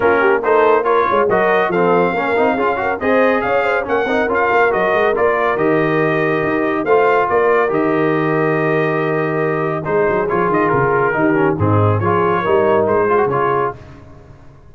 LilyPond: <<
  \new Staff \with { instrumentName = "trumpet" } { \time 4/4 \tempo 4 = 140 ais'4 c''4 cis''4 dis''4 | f''2. dis''4 | f''4 fis''4 f''4 dis''4 | d''4 dis''2. |
f''4 d''4 dis''2~ | dis''2. c''4 | cis''8 dis''8 ais'2 gis'4 | cis''2 c''4 cis''4 | }
  \new Staff \with { instrumentName = "horn" } { \time 4/4 f'8 g'8 a'4 ais'8 cis''8 ais'4 | a'4 ais'4 gis'8 ais'8 c''4 | cis''8 c''8 ais'2.~ | ais'1 |
c''4 ais'2.~ | ais'2. gis'4~ | gis'2 g'4 dis'4 | gis'4 ais'4. gis'4. | }
  \new Staff \with { instrumentName = "trombone" } { \time 4/4 cis'4 dis'4 f'4 fis'4 | c'4 cis'8 dis'8 f'8 fis'8 gis'4~ | gis'4 cis'8 dis'8 f'4 fis'4 | f'4 g'2. |
f'2 g'2~ | g'2. dis'4 | f'2 dis'8 cis'8 c'4 | f'4 dis'4. f'16 fis'16 f'4 | }
  \new Staff \with { instrumentName = "tuba" } { \time 4/4 ais2~ ais8 gis8 fis4 | f4 ais8 c'8 cis'4 c'4 | cis'4 ais8 c'8 cis'8 ais8 fis8 gis8 | ais4 dis2 dis'4 |
a4 ais4 dis2~ | dis2. gis8 fis8 | f8 dis8 cis4 dis4 gis,4 | f4 g4 gis4 cis4 | }
>>